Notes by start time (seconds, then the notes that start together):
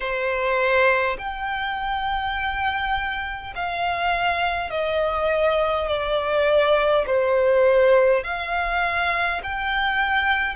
0.00 C5
1.18 G5
3.55 F5
4.70 D#5
5.87 D5
7.06 C5
8.24 F5
9.43 G5